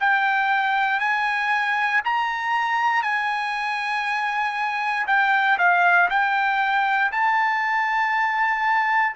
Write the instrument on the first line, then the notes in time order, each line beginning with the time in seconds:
trumpet
0.00 G5
1.00 G#5
2.04 A#5
3.02 G#5
5.07 G5
5.58 F5
6.10 G5
7.12 A5